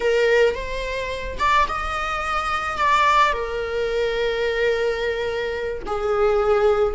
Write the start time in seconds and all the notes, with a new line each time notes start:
0.00 A#4
0.54 C5
1.38 D5
1.68 D#5
2.77 D5
3.32 A#4
5.86 G#4